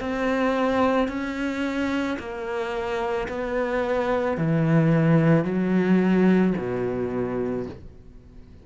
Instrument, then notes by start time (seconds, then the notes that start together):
cello
0.00 C4
1.08 C#4
2.19 A#3
3.28 B3
4.37 E3
5.44 F#3
6.57 B2